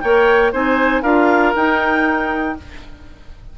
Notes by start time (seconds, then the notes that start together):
0.00 A#3 A#4 C#5 G5
0.53 C4 D#4 C5 G#5
1.02 D4 F4 A#4 F5
1.56 D#4 G5